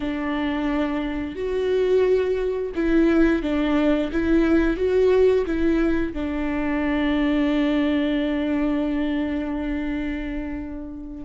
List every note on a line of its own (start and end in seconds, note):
0.00 1.35 D4
1.35 2.71 F#4
2.75 3.42 E4
3.42 4.10 D4
4.12 4.77 E4
4.77 5.45 F#4
5.45 6.13 E4
6.13 11.24 D4